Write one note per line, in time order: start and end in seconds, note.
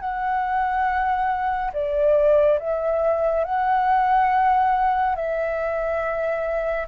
0.00 1.71 F#5
1.73 2.59 D5
2.59 3.44 E5
3.44 5.15 F#5
5.15 6.87 E5